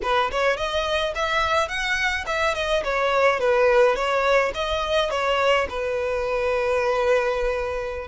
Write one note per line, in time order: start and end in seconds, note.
0.02 0.30 B4
0.31 0.56 C#5
0.56 1.13 D#5
1.15 1.68 E5
1.68 2.25 F#5
2.26 2.54 E5
2.55 2.83 D#5
2.84 3.39 C#5
3.39 3.95 B4
3.95 4.52 C#5
4.54 5.10 D#5
5.10 5.67 C#5
5.69 8.08 B4